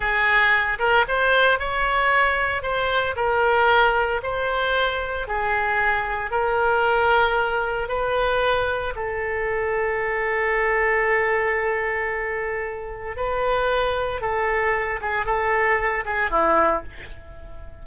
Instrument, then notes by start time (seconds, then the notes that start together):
oboe
0.00 G#4
0.78 A#4
1.08 C5
1.59 C#5
2.62 C5
3.16 A#4
4.22 C5
5.27 G#4
6.30 A#4
7.88 B4
8.95 A4
13.16 B4
14.21 A4
15.01 G#4
15.25 A4
16.05 G#4
16.30 E4